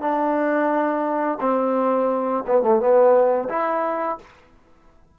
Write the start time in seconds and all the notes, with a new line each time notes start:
0.00 D4
1.40 C4
2.46 B3
2.62 A3
2.79 B3
3.49 E4